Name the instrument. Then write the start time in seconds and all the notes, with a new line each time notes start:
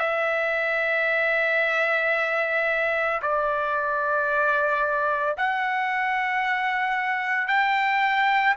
trumpet
0.00 E5
3.22 D5
5.38 F#5
7.48 G5